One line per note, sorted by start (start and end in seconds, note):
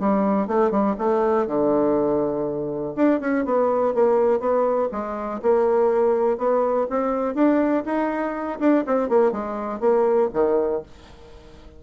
0.00 0.48 G3
0.48 0.71 A3
0.71 0.96 G3
0.99 1.48 A3
1.48 2.95 D3
2.96 3.21 D4
3.21 3.45 C#4
3.45 3.94 B3
3.94 4.40 A#3
4.40 4.89 B3
4.92 5.41 G#3
5.42 6.38 A#3
6.38 6.87 B3
6.90 7.35 C4
7.35 7.84 D4
7.86 8.60 D#4
8.60 8.85 D4
8.87 9.09 C4
9.09 9.32 A#3
9.32 9.80 G#3
9.80 10.30 A#3
10.34 10.83 D#3